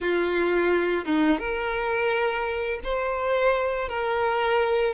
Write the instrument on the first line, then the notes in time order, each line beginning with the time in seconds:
violin
0.00 F4
1.05 D#4
1.38 A#4
2.83 C5
3.88 A#4